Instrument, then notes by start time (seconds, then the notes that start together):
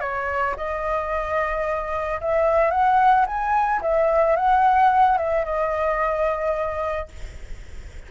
flute
0.00 C#5
0.57 D#5
2.20 E5
2.71 F#5
3.26 G#5
3.81 E5
4.36 F#5
5.17 E5
5.44 D#5